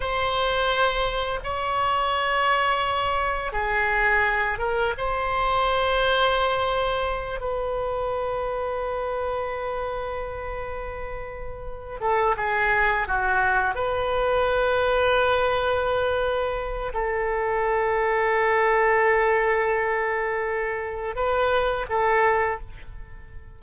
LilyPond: \new Staff \with { instrumentName = "oboe" } { \time 4/4 \tempo 4 = 85 c''2 cis''2~ | cis''4 gis'4. ais'8 c''4~ | c''2~ c''8 b'4.~ | b'1~ |
b'4 a'8 gis'4 fis'4 b'8~ | b'1 | a'1~ | a'2 b'4 a'4 | }